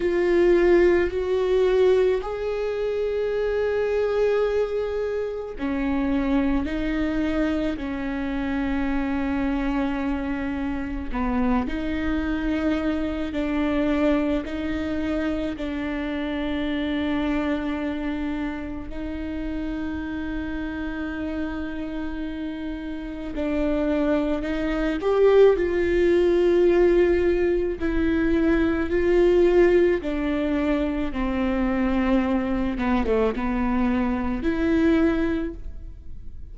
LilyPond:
\new Staff \with { instrumentName = "viola" } { \time 4/4 \tempo 4 = 54 f'4 fis'4 gis'2~ | gis'4 cis'4 dis'4 cis'4~ | cis'2 b8 dis'4. | d'4 dis'4 d'2~ |
d'4 dis'2.~ | dis'4 d'4 dis'8 g'8 f'4~ | f'4 e'4 f'4 d'4 | c'4. b16 a16 b4 e'4 | }